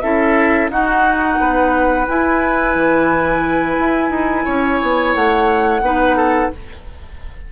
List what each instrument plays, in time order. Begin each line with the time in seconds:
0.00 bassoon C#4, clarinet E4, oboe A4, flute E5
0.69 bassoon D#4, clarinet D#4, oboe F#4, flute F#5
1.38 bassoon B3, oboe B4
2.07 clarinet E4, bassoon E4, flute G#5
2.75 bassoon E3
3.79 bassoon E4
4.10 bassoon D#4
4.45 bassoon C#4, oboe C#5
4.82 bassoon B3
5.14 bassoon A3, flute F#5
5.81 bassoon B3, clarinet D#4, oboe B4
6.16 oboe A4